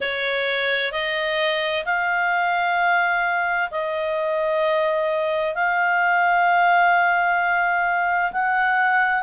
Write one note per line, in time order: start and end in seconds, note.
0.00 0.91 C#5
0.91 1.84 D#5
1.85 3.69 F5
3.70 5.54 D#5
5.54 8.31 F5
8.32 9.23 F#5